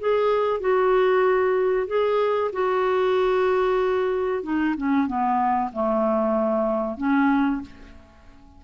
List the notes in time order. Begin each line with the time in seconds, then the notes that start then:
0.00 G#4
0.61 F#4
1.87 G#4
2.53 F#4
4.43 D#4
4.77 C#4
5.07 B3
5.73 A3
6.98 C#4